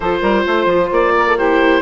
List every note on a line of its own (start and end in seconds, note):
0.00 0.19 F3
0.00 1.39 F4
0.00 0.20 A4
0.00 0.90 C5
0.20 0.44 G3
0.20 0.43 A#4
0.45 0.65 A3
0.45 1.14 C5
0.65 0.88 F3
0.91 1.81 A#3
0.91 1.38 D5
1.17 1.27 A#4
1.27 1.36 A4
1.36 1.81 E4
1.36 1.81 G4
1.36 1.81 C5